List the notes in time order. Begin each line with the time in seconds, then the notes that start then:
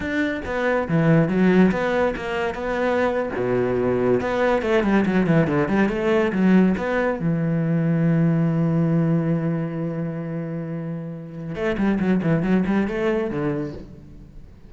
0.00 D4
0.45 B3
0.88 E3
1.28 F#3
1.71 B3
2.15 A#3
2.54 B3
3.35 B2
4.20 B3
4.62 A3
4.83 G3
5.05 F#3
5.26 E3
5.47 D3
5.68 G3
5.89 A3
6.32 F#3
6.77 B3
7.20 E3
11.55 A3
11.77 G3
11.99 F#3
12.22 E3
12.42 F#3
12.66 G3
12.87 A3
13.30 D3